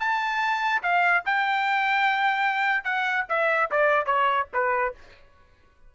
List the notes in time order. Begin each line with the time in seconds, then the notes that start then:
0.00 A5
0.83 F5
1.25 G5
2.84 F#5
3.29 E5
3.71 D5
4.06 C#5
4.54 B4